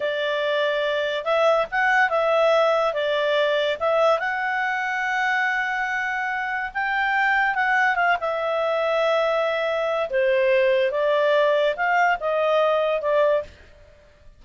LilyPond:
\new Staff \with { instrumentName = "clarinet" } { \time 4/4 \tempo 4 = 143 d''2. e''4 | fis''4 e''2 d''4~ | d''4 e''4 fis''2~ | fis''1 |
g''2 fis''4 f''8 e''8~ | e''1 | c''2 d''2 | f''4 dis''2 d''4 | }